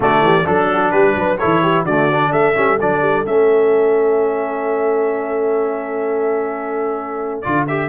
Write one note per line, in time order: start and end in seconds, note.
0.00 0.21 D3
0.00 0.44 A3
0.00 0.23 F#4
0.00 0.46 D5
0.21 0.45 E3
0.21 0.47 G4
0.45 0.93 F#3
0.45 1.38 D4
0.45 0.91 A4
0.45 0.71 A4
0.72 0.91 F#4
0.91 1.15 G3
0.91 1.15 G4
0.91 1.37 B4
1.15 1.39 F#3
1.15 1.39 B4
1.38 1.84 E3
1.38 1.86 E4
1.38 1.62 A4
1.38 1.84 C#5
1.62 1.84 G4
1.84 2.31 D3
1.84 2.12 A3
1.84 2.30 F#4
1.84 2.32 D5
2.12 2.54 D4
2.30 2.55 A3
2.30 7.88 A4
2.30 2.78 E5
2.54 2.80 G3
2.54 2.78 C#4
2.80 3.00 F#3
2.80 3.25 D4
2.80 3.26 D5
3.00 3.24 G3
3.25 7.44 A3
3.25 7.44 C#4
3.25 7.41 E5
7.41 7.88 D3
7.41 7.67 F4
7.41 7.64 D5
7.67 7.88 G4
7.67 7.88 E5